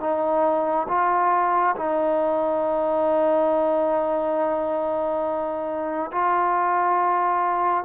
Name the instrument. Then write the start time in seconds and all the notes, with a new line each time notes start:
trombone
0.00 D#4
0.88 F4
1.76 D#4
6.12 F4